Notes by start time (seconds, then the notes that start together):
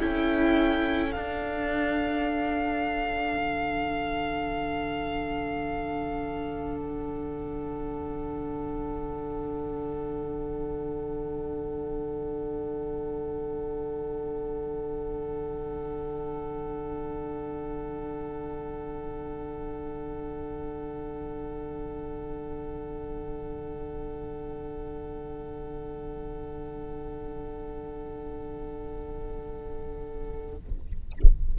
0.00 C#4 E4 A4 G5
1.12 D4 F5
3.37 D3
6.80 F#5